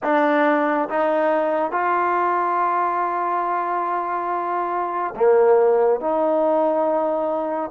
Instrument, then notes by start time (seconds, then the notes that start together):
trombone
0.03 D4
0.89 D#4
1.71 F4
5.16 A#3
6.00 D#4